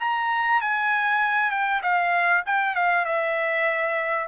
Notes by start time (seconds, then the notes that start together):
0.00 A#5
0.61 G#5
1.51 G5
1.83 F5
2.46 G5
2.75 F5
3.05 E5